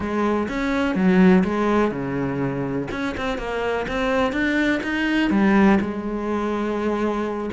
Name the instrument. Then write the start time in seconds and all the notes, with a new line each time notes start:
cello
0.00 G#3
0.48 C#4
0.95 F#3
1.44 G#3
1.91 C#3
2.91 C#4
3.17 C4
3.38 A#3
3.88 C4
4.32 D4
4.83 D#4
5.30 G3
5.80 G#3